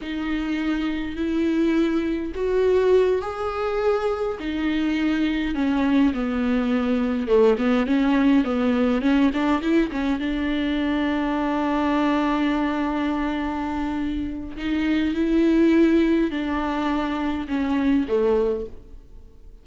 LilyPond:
\new Staff \with { instrumentName = "viola" } { \time 4/4 \tempo 4 = 103 dis'2 e'2 | fis'4. gis'2 dis'8~ | dis'4. cis'4 b4.~ | b8 a8 b8 cis'4 b4 cis'8 |
d'8 e'8 cis'8 d'2~ d'8~ | d'1~ | d'4 dis'4 e'2 | d'2 cis'4 a4 | }